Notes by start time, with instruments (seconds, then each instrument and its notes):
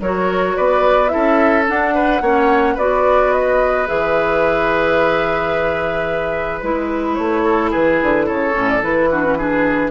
0.00 bassoon F#3, clarinet F#4, oboe A#4, flute C#5
0.56 bassoon B3, oboe B4, flute D5
1.08 clarinet E4, oboe A4, flute E5
1.15 bassoon C#4
1.67 clarinet D4, bassoon D4, flute F#5
1.94 oboe B4
2.21 bassoon A#3, clarinet C#4, oboe C#5
2.74 bassoon B3, clarinet F#4, oboe B4, flute D5
3.32 flute D#5
3.86 bassoon E3, clarinet G#4, flute E5
6.60 bassoon G#3, clarinet E4, flute B4
7.15 bassoon A3, flute C#5
7.44 oboe A4
7.70 bassoon E3, oboe G#4, flute B4
8.02 bassoon D3
8.26 bassoon C#3, oboe A4, flute C#5
8.52 bassoon A2, clarinet C#4
8.68 flute D5
8.82 bassoon E3, clarinet E4, flute B4
9.11 clarinet D4, oboe F#4
9.24 clarinet C#4
9.38 clarinet D4, oboe G#4